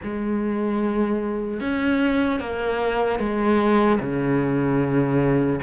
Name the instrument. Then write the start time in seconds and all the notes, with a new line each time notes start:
cello
0.03 G#3
1.60 C#4
2.40 A#3
3.19 G#3
4.00 C#3